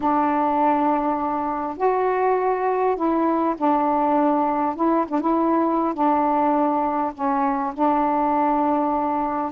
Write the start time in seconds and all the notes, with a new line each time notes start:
0.00 D4
1.77 F#4
2.95 E4
3.57 D4
4.75 E4
5.08 D4
5.20 E4
5.94 D4
7.14 C#4
7.74 D4